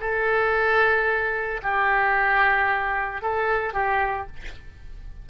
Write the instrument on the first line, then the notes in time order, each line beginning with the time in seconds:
oboe
0.00 A4
1.63 G4
3.22 A4
3.74 G4